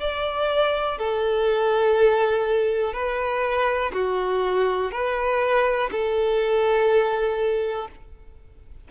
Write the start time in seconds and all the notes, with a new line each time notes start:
0.00 D5
0.98 A4
2.94 B4
3.93 F#4
4.92 B4
5.92 A4